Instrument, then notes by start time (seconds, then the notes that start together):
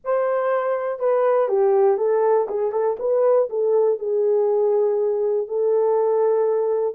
horn
0.04 C5
0.99 B4
1.48 G4
1.97 A4
2.48 G#4
2.72 A4
2.99 B4
3.49 A4
3.98 G#4
5.47 A4